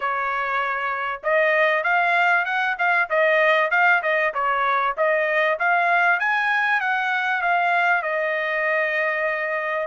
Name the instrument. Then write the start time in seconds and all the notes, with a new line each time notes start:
trumpet
0.00 C#5
1.23 D#5
1.83 F5
2.45 F#5
2.78 F5
3.09 D#5
3.71 F5
4.02 D#5
4.34 C#5
4.97 D#5
5.59 F5
6.19 G#5
6.80 F#5
7.41 F5
8.02 D#5